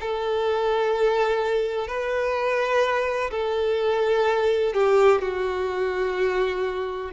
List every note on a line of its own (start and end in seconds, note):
0.00 1.87 A4
1.87 3.30 B4
3.31 4.73 A4
4.73 5.21 G4
5.21 7.11 F#4